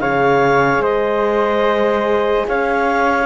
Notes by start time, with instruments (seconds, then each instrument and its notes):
0.00 cello C#3, horn G#4, flute C#5, clarinet F5
0.79 cello G#3, flute C5, clarinet D#5
2.48 cello C#4, flute C#5, clarinet F5